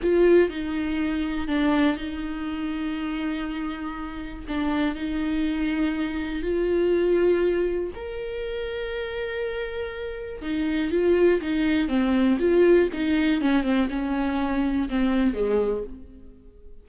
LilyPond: \new Staff \with { instrumentName = "viola" } { \time 4/4 \tempo 4 = 121 f'4 dis'2 d'4 | dis'1~ | dis'4 d'4 dis'2~ | dis'4 f'2. |
ais'1~ | ais'4 dis'4 f'4 dis'4 | c'4 f'4 dis'4 cis'8 c'8 | cis'2 c'4 gis4 | }